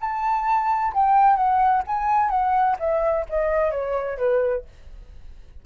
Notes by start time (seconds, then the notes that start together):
0.00 A5
0.93 G5
1.36 F#5
1.86 G#5
2.30 F#5
2.79 E5
3.29 D#5
3.71 C#5
4.18 B4